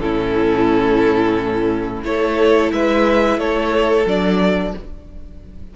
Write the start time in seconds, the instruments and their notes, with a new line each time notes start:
0.00 cello A2, viola C#4, violin E4 A4
2.04 cello A3, viola E4, violin A4 C#5
2.72 cello G#3, violin B4 E5
3.38 cello A3, violin A4 C#5
4.06 cello F#3, viola D4, violin D5